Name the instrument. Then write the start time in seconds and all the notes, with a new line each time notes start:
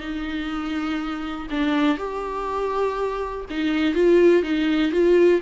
viola
0.00 D#4
1.51 D4
1.98 G4
3.50 D#4
3.94 F4
4.43 D#4
4.92 F4